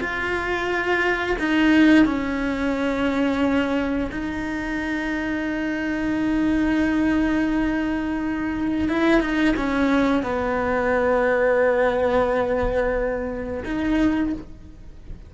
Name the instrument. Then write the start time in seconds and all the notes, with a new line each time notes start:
cello
0.00 F4
1.39 D#4
2.05 C#4
4.11 D#4
8.89 E4
9.20 D#4
9.56 C#4
10.23 B3
13.65 D#4